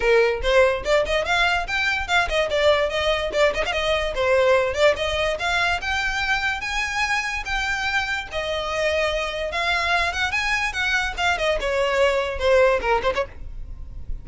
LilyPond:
\new Staff \with { instrumentName = "violin" } { \time 4/4 \tempo 4 = 145 ais'4 c''4 d''8 dis''8 f''4 | g''4 f''8 dis''8 d''4 dis''4 | d''8 dis''16 f''16 dis''4 c''4. d''8 | dis''4 f''4 g''2 |
gis''2 g''2 | dis''2. f''4~ | f''8 fis''8 gis''4 fis''4 f''8 dis''8 | cis''2 c''4 ais'8 c''16 cis''16 | }